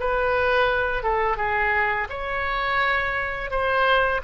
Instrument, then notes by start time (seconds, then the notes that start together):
oboe
0.00 B4
1.03 A4
1.37 G#4
2.10 C#5
3.51 C5